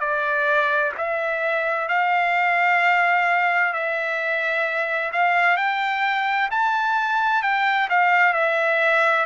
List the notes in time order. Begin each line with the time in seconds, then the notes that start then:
0.00 D5
0.97 E5
1.88 F5
3.73 E5
5.12 F5
5.57 G5
6.51 A5
7.42 G5
7.90 F5
8.33 E5